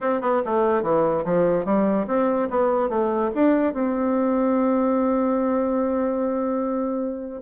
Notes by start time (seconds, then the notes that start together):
0.00 C4
0.21 B3
0.45 A3
0.82 E3
1.24 F3
1.65 G3
2.07 C4
2.50 B3
2.89 A3
3.34 D4
3.73 C4